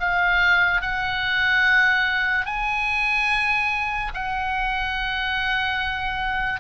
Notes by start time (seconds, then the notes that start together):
0.00 F5
0.81 F#5
2.45 G#5
4.14 F#5